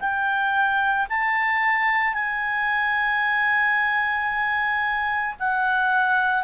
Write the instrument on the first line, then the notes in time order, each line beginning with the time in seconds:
clarinet
0.00 G5
1.10 A5
2.14 G#5
5.40 F#5